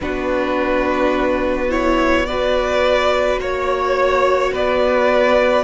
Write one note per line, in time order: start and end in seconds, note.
0.01 3.39 B3
0.01 1.69 D4
0.01 2.28 F#4
0.01 1.71 B4
1.69 2.25 E4
1.69 2.25 C#5
2.25 5.64 F#4
2.25 3.41 B4
2.25 3.38 D5
3.39 4.52 A#3
3.39 4.54 C#5
3.39 4.53 C#5
4.53 5.64 B3
4.53 5.64 B4
4.53 5.64 D5